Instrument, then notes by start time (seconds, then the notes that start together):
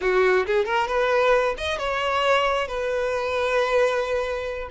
violin
0.01 F#4
0.46 G#4
0.65 A#4
0.87 B4
1.57 D#5
1.78 C#5
2.67 B4